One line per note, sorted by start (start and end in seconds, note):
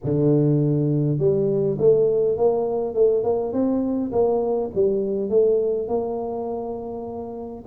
0.03 1.18 D3
1.18 1.77 G3
1.78 2.37 A3
2.37 2.94 A#3
2.94 3.23 A3
3.23 3.53 A#3
3.53 4.11 C4
4.12 4.71 A#3
4.75 5.29 G3
5.29 5.87 A3
5.87 7.64 A#3